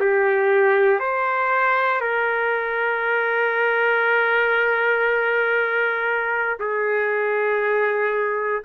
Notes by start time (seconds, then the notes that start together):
0.00 G4
1.00 C5
2.01 A#4
6.60 G#4